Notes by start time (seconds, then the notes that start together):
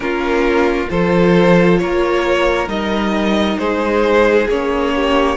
0.00 A#3 C#4 F4 A#4
0.88 F3 F4 A4 C5
1.78 A#3 A#4 C#5
2.67 G3 D#4 D#5
3.58 G#3 G#4 C5
4.49 A#3 C#4 C#5
4.95 G4